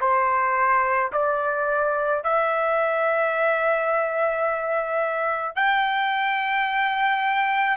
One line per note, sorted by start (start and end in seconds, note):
0.00 1.11 C5
1.12 2.23 D5
2.23 5.56 E5
5.56 7.77 G5